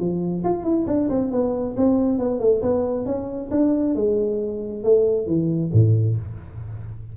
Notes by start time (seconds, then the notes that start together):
0.00 F3
0.45 F4
0.64 E4
0.87 D4
1.10 C4
1.32 B3
1.77 C4
2.19 B3
2.40 A3
2.62 B3
3.06 C#4
3.51 D4
3.96 G#3
4.84 A3
5.27 E3
5.73 A2